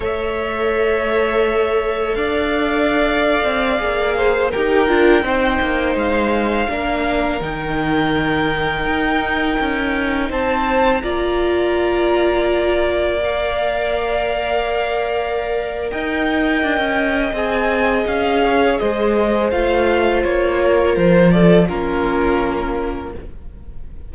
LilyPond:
<<
  \new Staff \with { instrumentName = "violin" } { \time 4/4 \tempo 4 = 83 e''2. f''4~ | f''2~ f''16 g''4.~ g''16~ | g''16 f''2 g''4.~ g''16~ | g''2~ g''16 a''4 ais''8.~ |
ais''2~ ais''16 f''4.~ f''16~ | f''2 g''2 | gis''4 f''4 dis''4 f''4 | cis''4 c''8 d''8 ais'2 | }
  \new Staff \with { instrumentName = "violin" } { \time 4/4 cis''2. d''4~ | d''4.~ d''16 c''8 ais'4 c''8.~ | c''4~ c''16 ais'2~ ais'8.~ | ais'2~ ais'16 c''4 d''8.~ |
d''1~ | d''2 dis''2~ | dis''4. cis''8 c''2~ | c''8 ais'4 a'8 f'2 | }
  \new Staff \with { instrumentName = "viola" } { \time 4/4 a'1~ | a'4~ a'16 gis'4 g'8 f'8 dis'8.~ | dis'4~ dis'16 d'4 dis'4.~ dis'16~ | dis'2.~ dis'16 f'8.~ |
f'2~ f'16 ais'4.~ ais'16~ | ais'1 | gis'2. f'4~ | f'2 cis'2 | }
  \new Staff \with { instrumentName = "cello" } { \time 4/4 a2. d'4~ | d'8. c'8 ais4 dis'8 d'8 c'8 ais16~ | ais16 gis4 ais4 dis4.~ dis16~ | dis16 dis'4 cis'4 c'4 ais8.~ |
ais1~ | ais2 dis'4 d'16 cis'8. | c'4 cis'4 gis4 a4 | ais4 f4 ais2 | }
>>